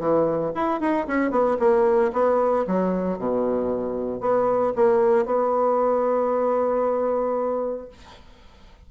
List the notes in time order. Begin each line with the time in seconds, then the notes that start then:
0.00 E3
0.55 E4
0.81 D#4
1.08 C#4
1.31 B3
1.59 A#3
2.13 B3
2.67 F#3
3.19 B2
4.21 B3
4.76 A#3
5.26 B3